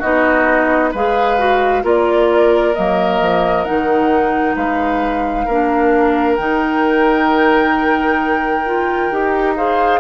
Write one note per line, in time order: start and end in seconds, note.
0.00 0.94 B3
0.00 0.94 D#4
0.00 0.91 F#4
0.00 0.92 D#5
0.92 1.84 G#3
0.92 1.39 G#4
0.92 1.83 B4
0.92 1.86 F5
1.39 1.83 F#4
1.83 2.75 A#3
1.83 2.74 F4
1.83 4.56 A#4
1.83 2.75 D5
2.75 3.22 F#3
2.75 3.66 A#3
2.75 3.65 D#5
3.22 3.67 F3
3.65 4.56 D#3
3.65 5.48 D#4
3.65 4.56 F#5
4.56 5.47 G#3
4.56 5.46 B4
4.56 6.36 F5
5.46 6.39 A#3
5.46 6.39 D4
5.46 9.55 A#4
6.36 9.11 D#3
6.36 8.66 D#4
6.36 9.55 G5
8.66 9.12 F4
9.11 10.01 D#4
9.11 9.57 G4
9.57 10.01 G#4
9.57 10.01 C5
9.57 10.01 F5